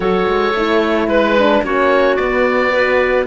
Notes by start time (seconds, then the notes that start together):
0.00 F#3 F#4 A4 C#5
0.27 G#3
0.53 A3 E4
1.07 G#3 B4
1.38 D4
1.63 A#3 C#4 F#4 C#5
2.15 B3 D5
2.71 F#4 B4